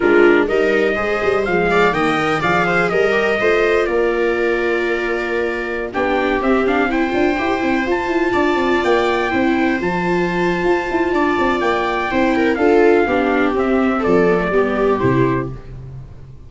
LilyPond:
<<
  \new Staff \with { instrumentName = "trumpet" } { \time 4/4 \tempo 4 = 124 ais'4 dis''2 f''4 | g''4 f''4 dis''2 | d''1~ | d''16 g''4 e''8 f''8 g''4.~ g''16~ |
g''16 a''2 g''4.~ g''16~ | g''16 a''2.~ a''8. | g''2 f''2 | e''4 d''2 c''4 | }
  \new Staff \with { instrumentName = "viola" } { \time 4/4 f'4 ais'4 c''4. d''8 | dis''4 d''8 c''8 ais'4 c''4 | ais'1~ | ais'16 g'2 c''4.~ c''16~ |
c''4~ c''16 d''2 c''8.~ | c''2. d''4~ | d''4 c''8 ais'8 a'4 g'4~ | g'4 a'4 g'2 | }
  \new Staff \with { instrumentName = "viola" } { \time 4/4 d'4 dis'4 gis'4 gis4 | ais8 ais'8 gis'4. g'8 f'4~ | f'1~ | f'16 d'4 c'8 d'8 e'8 f'8 g'8 e'16~ |
e'16 f'2. e'8.~ | e'16 f'2.~ f'8.~ | f'4 e'4 f'4 d'4 | c'4. b16 a16 b4 e'4 | }
  \new Staff \with { instrumentName = "tuba" } { \time 4/4 gis4 g4 gis8 g8 f4 | dis4 f4 g4 a4 | ais1~ | ais16 b4 c'4. d'8 e'8 c'16~ |
c'16 f'8 e'8 d'8 c'8 ais4 c'8.~ | c'16 f4.~ f16 f'8 e'8 d'8 c'8 | ais4 c'4 d'4 b4 | c'4 f4 g4 c4 | }
>>